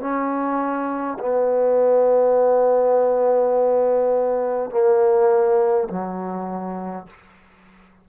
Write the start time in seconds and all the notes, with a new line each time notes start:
0.00 C#4
1.19 B3
4.71 A#3
5.89 F#3